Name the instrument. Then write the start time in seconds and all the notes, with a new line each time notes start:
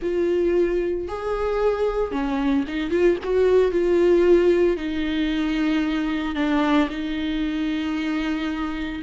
viola
0.02 F4
1.08 G#4
2.11 C#4
2.67 D#4
2.90 F4
3.23 F#4
3.71 F4
4.76 D#4
6.35 D4
6.89 D#4